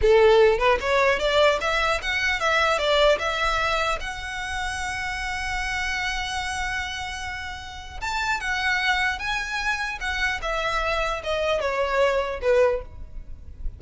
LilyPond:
\new Staff \with { instrumentName = "violin" } { \time 4/4 \tempo 4 = 150 a'4. b'8 cis''4 d''4 | e''4 fis''4 e''4 d''4 | e''2 fis''2~ | fis''1~ |
fis''1 | a''4 fis''2 gis''4~ | gis''4 fis''4 e''2 | dis''4 cis''2 b'4 | }